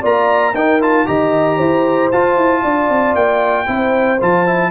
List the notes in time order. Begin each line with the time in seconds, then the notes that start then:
0.00 A#3 F4 D5 A#5
0.54 D#4 A#4 G5
0.81 F4 A5
1.06 D#3 G4 D#5 A#5
1.57 E4 C5
2.12 F4 A5
2.37 E4
2.62 D4 D5
2.89 C4
3.15 A#3 G5
3.66 C4 E4 C5
4.20 F3 F4 A5
4.46 E4